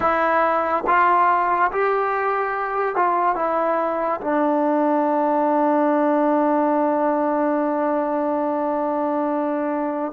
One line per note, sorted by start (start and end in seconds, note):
0.00 0.84 E4
0.86 1.71 F4
1.71 2.95 G4
2.95 3.35 F4
3.35 4.20 E4
4.21 10.12 D4